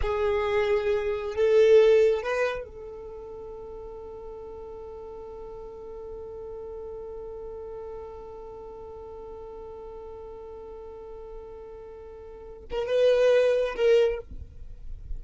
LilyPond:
\new Staff \with { instrumentName = "violin" } { \time 4/4 \tempo 4 = 135 gis'2. a'4~ | a'4 b'4 a'2~ | a'1~ | a'1~ |
a'1~ | a'1~ | a'1~ | a'8 ais'8 b'2 ais'4 | }